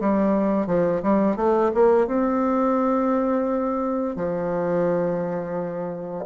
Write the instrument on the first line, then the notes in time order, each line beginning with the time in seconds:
bassoon
0.00 G3
0.67 F3
1.02 G3
1.36 A3
1.74 A#3
2.07 C4
4.16 F3